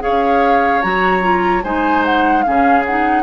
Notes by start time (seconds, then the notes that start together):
0.00 G#4 C#5 F5
0.07 C#4
0.82 F#3 F#4 A#5
1.22 F4
1.64 G#3 D#4 C5 G#5
2.06 F#5
2.43 C#3 C#4 G#4 F5
2.86 D#4 F#5